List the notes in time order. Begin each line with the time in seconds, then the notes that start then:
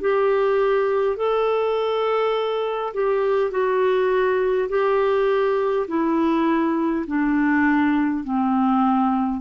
0.00 G4
1.17 A4
2.94 G4
3.51 F#4
4.68 G4
5.88 E4
7.06 D4
8.24 C4